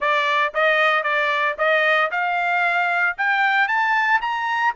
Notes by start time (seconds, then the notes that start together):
0.00 D5
0.54 D#5
1.03 D5
1.58 D#5
2.11 F5
3.17 G5
3.67 A5
4.21 A#5